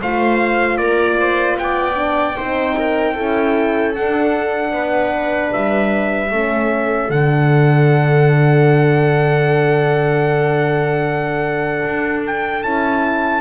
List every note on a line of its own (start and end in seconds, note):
0.00 0.79 A3
0.00 1.95 F4
0.00 0.79 C5
0.00 0.77 F5
0.77 1.57 A#3
0.77 1.18 A#4
0.77 1.56 D5
1.19 1.58 C5
1.57 2.36 B3
1.57 2.36 D5
1.57 3.95 G5
1.95 2.34 D4
2.36 3.17 C4
2.36 3.15 D#4
2.36 2.76 C5
2.78 3.14 A#4
3.14 3.96 C#4
3.14 3.94 E4
3.14 4.72 A4
3.95 4.70 D4
3.95 6.31 D4
3.95 5.52 F#5
4.70 5.49 B3
4.70 6.31 B4
5.52 6.30 G3
5.52 7.10 E5
6.30 7.09 A3
6.30 7.10 C#4
6.30 13.41 A4
7.09 11.83 D3
7.09 12.63 D4
7.09 12.23 F#5
11.85 12.63 D4
12.26 12.63 G5
12.63 13.41 C#4
12.63 13.41 E4
12.63 13.41 A5